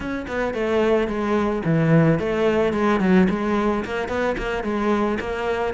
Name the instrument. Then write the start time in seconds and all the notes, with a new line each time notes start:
cello
0.00 C#4
0.27 B3
0.53 A3
1.07 G#3
1.65 E3
2.19 A3
2.72 G#3
3.00 F#3
3.29 G#3
3.84 A#3
4.08 B3
4.37 A#3
4.63 G#3
5.20 A#3